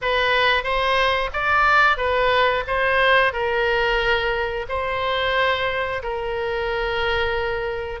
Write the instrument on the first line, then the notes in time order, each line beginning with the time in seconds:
oboe
0.01 B4
0.63 C5
1.33 D5
1.97 B4
2.67 C5
3.32 A#4
4.68 C5
6.02 A#4